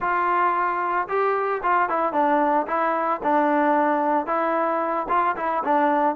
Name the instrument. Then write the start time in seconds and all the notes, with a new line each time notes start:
trombone
0.00 F4
1.08 G4
1.62 F4
1.89 E4
2.12 D4
2.67 E4
3.23 D4
4.26 E4
5.08 F4
5.36 E4
5.63 D4